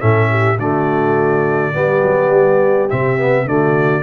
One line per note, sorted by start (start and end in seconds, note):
0.00 0.59 A2
0.00 0.58 C#4
0.00 0.29 A4
0.00 0.58 E5
0.30 0.58 G4
0.58 1.74 D3
0.58 1.74 A3
0.58 1.72 F#4
0.58 2.90 D5
1.72 2.02 G3
1.72 2.89 B3
1.72 3.45 G4
2.02 2.30 F#3
2.30 2.88 G3
2.89 3.45 C3
2.89 3.18 C4
2.89 3.48 E5
3.18 3.47 B3
3.45 4.03 D3
3.45 4.03 A3
3.45 4.03 F#4
3.45 4.03 D5